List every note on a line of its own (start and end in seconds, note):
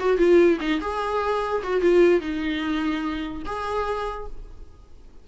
0.00 0.18 F#4
0.18 0.59 F4
0.60 0.81 D#4
0.81 1.63 G#4
1.63 1.82 F#4
1.82 2.21 F4
2.21 3.43 D#4
3.46 4.27 G#4